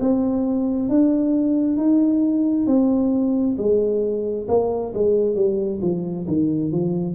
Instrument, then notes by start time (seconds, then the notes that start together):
tuba
0.00 C4
0.89 D4
1.77 D#4
2.67 C4
3.58 G#3
4.48 A#3
4.94 G#3
5.35 G3
5.82 F3
6.28 D#3
6.72 F3